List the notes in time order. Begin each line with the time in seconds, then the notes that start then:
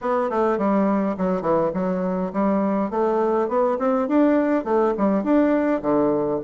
0.01 B3
0.30 A3
0.57 G3
1.17 F#3
1.41 E3
1.74 F#3
2.32 G3
2.90 A3
3.48 B3
3.78 C4
4.08 D4
4.64 A3
4.97 G3
5.23 D4
5.81 D3